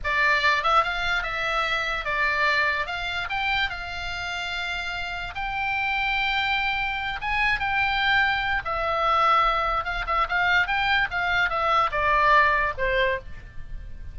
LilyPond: \new Staff \with { instrumentName = "oboe" } { \time 4/4 \tempo 4 = 146 d''4. e''8 f''4 e''4~ | e''4 d''2 f''4 | g''4 f''2.~ | f''4 g''2.~ |
g''4. gis''4 g''4.~ | g''4 e''2. | f''8 e''8 f''4 g''4 f''4 | e''4 d''2 c''4 | }